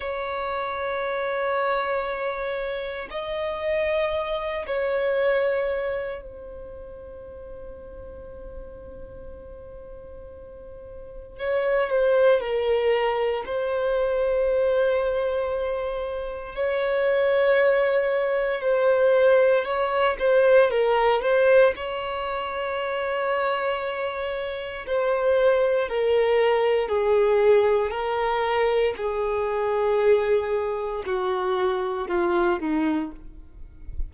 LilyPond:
\new Staff \with { instrumentName = "violin" } { \time 4/4 \tempo 4 = 58 cis''2. dis''4~ | dis''8 cis''4. c''2~ | c''2. cis''8 c''8 | ais'4 c''2. |
cis''2 c''4 cis''8 c''8 | ais'8 c''8 cis''2. | c''4 ais'4 gis'4 ais'4 | gis'2 fis'4 f'8 dis'8 | }